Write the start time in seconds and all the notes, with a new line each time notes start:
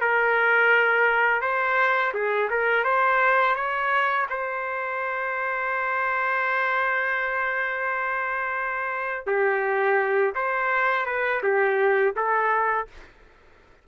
0.00 A#4
1.41 C5
2.13 G#4
2.50 A#4
2.84 C5
3.55 C#5
4.30 C5
9.26 G4
10.35 C5
11.06 B4
11.43 G4
12.16 A4